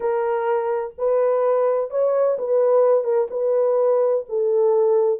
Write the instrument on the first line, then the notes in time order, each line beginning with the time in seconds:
horn
0.00 A#4
0.98 B4
1.90 C#5
2.38 B4
3.04 A#4
3.30 B4
4.28 A4